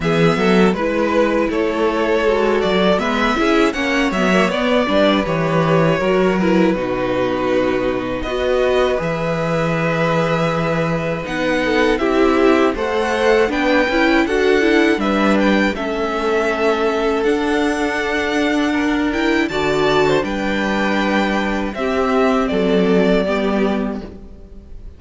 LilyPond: <<
  \new Staff \with { instrumentName = "violin" } { \time 4/4 \tempo 4 = 80 e''4 b'4 cis''4. d''8 | e''4 fis''8 e''8 d''4 cis''4~ | cis''8 b'2~ b'8 dis''4 | e''2. fis''4 |
e''4 fis''4 g''4 fis''4 | e''8 g''8 e''2 fis''4~ | fis''4. g''8 a''4 g''4~ | g''4 e''4 d''2 | }
  \new Staff \with { instrumentName = "violin" } { \time 4/4 gis'8 a'8 b'4 a'2 | b'8 gis'8 cis''4. b'4. | ais'4 fis'2 b'4~ | b'2.~ b'8 a'8 |
g'4 c''4 b'4 a'4 | b'4 a'2.~ | a'4 ais'4 d''8. c''16 b'4~ | b'4 g'4 a'4 g'4 | }
  \new Staff \with { instrumentName = "viola" } { \time 4/4 b4 e'2 fis'4 | b8 e'8 cis'8 b16 ais16 b8 d'8 g'4 | fis'8 e'8 dis'2 fis'4 | gis'2. dis'4 |
e'4 a'4 d'8 e'8 fis'8 e'8 | d'4 cis'2 d'4~ | d'4. e'8 fis'4 d'4~ | d'4 c'2 b4 | }
  \new Staff \with { instrumentName = "cello" } { \time 4/4 e8 fis8 gis4 a4 gis8 fis8 | gis8 cis'8 ais8 fis8 b8 g8 e4 | fis4 b,2 b4 | e2. b4 |
c'4 a4 b8 cis'8 d'4 | g4 a2 d'4~ | d'2 d4 g4~ | g4 c'4 fis4 g4 | }
>>